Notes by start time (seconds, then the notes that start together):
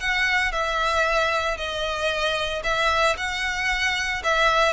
0.00 F#5
0.52 E5
1.57 D#5
2.63 E5
3.17 F#5
4.23 E5